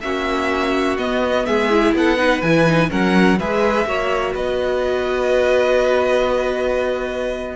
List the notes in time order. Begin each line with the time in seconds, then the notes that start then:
0.00 A#3 C#4 F#4 E5
0.97 B3 D#5
1.45 G#3 G#4 E5
1.70 E4
1.93 B3 A4 F#5
2.17 D#4 B4
2.41 E3 E4 G#5
2.67 D#4
2.89 F#3 C#4 A#4 F#5
3.39 G#3 G#4 B4 E5
3.86 A#3 F#4 C#5
4.33 B3 B4 D#5